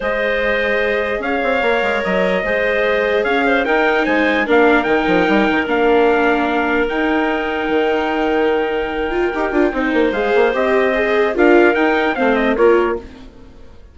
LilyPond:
<<
  \new Staff \with { instrumentName = "trumpet" } { \time 4/4 \tempo 4 = 148 dis''2. f''4~ | f''4 dis''2. | f''4 g''4 gis''4 f''4 | g''2 f''2~ |
f''4 g''2.~ | g''1~ | g''4 f''4 dis''2 | f''4 g''4 f''8 dis''8 cis''4 | }
  \new Staff \with { instrumentName = "clarinet" } { \time 4/4 c''2. cis''4~ | cis''2 c''2 | cis''8 c''8 ais'4 c''4 ais'4~ | ais'1~ |
ais'1~ | ais'1 | c''1 | ais'2 c''4 ais'4 | }
  \new Staff \with { instrumentName = "viola" } { \time 4/4 gis'1 | ais'2 gis'2~ | gis'4 dis'2 d'4 | dis'2 d'2~ |
d'4 dis'2.~ | dis'2~ dis'8 f'8 g'8 f'8 | dis'4 gis'4 g'4 gis'4 | f'4 dis'4 c'4 f'4 | }
  \new Staff \with { instrumentName = "bassoon" } { \time 4/4 gis2. cis'8 c'8 | ais8 gis8 fis4 gis2 | cis'4 dis'4 gis4 ais4 | dis8 f8 g8 dis8 ais2~ |
ais4 dis'2 dis4~ | dis2. dis'8 d'8 | c'8 ais8 gis8 ais8 c'2 | d'4 dis'4 a4 ais4 | }
>>